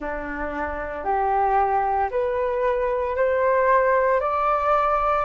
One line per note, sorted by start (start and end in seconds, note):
0.00 1.04 D4
1.04 2.09 G4
2.11 3.16 B4
3.16 4.20 C5
4.20 5.25 D5